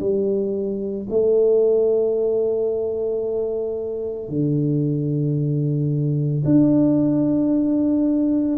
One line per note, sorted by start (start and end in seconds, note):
0.00 1.07 G3
1.10 4.29 A3
4.29 6.43 D3
6.45 8.58 D4